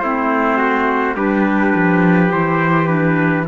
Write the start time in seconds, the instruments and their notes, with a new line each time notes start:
0.00 cello A3, clarinet C4, trumpet E4 C5
0.58 trumpet F#4
1.16 cello G3, clarinet D4, trumpet G4 B4
1.76 cello F3
2.31 cello E3, clarinet E4, trumpet C5
2.87 clarinet D4, trumpet B4